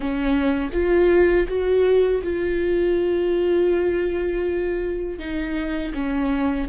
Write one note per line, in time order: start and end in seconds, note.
0.00 0.70 C#4
0.72 1.46 F4
1.48 2.22 F#4
2.23 5.18 F4
5.18 5.92 D#4
5.94 6.68 C#4